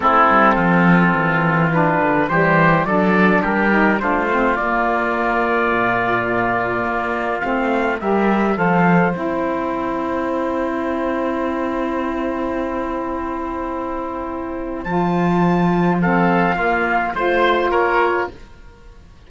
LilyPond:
<<
  \new Staff \with { instrumentName = "trumpet" } { \time 4/4 \tempo 4 = 105 a'2. b'4 | c''4 d''4 ais'4 c''4 | d''1~ | d''4 f''4 e''4 f''4 |
g''1~ | g''1~ | g''2 a''2 | f''2 c''4 cis''4 | }
  \new Staff \with { instrumentName = "oboe" } { \time 4/4 e'4 f'2. | g'4 a'4 g'4 f'4~ | f'1~ | f'2 ais'4 c''4~ |
c''1~ | c''1~ | c''1 | a'4 f'4 c''4 ais'4 | }
  \new Staff \with { instrumentName = "saxophone" } { \time 4/4 c'2. d'4 | g4 d'4. dis'8 d'8 c'8 | ais1~ | ais4 c'4 g'4 a'4 |
e'1~ | e'1~ | e'2 f'2 | c'4 ais4 f'2 | }
  \new Staff \with { instrumentName = "cello" } { \time 4/4 a8 g8 f4 e4. d8 | e4 fis4 g4 a4 | ais2 ais,2 | ais4 a4 g4 f4 |
c'1~ | c'1~ | c'2 f2~ | f4 ais4 a4 ais4 | }
>>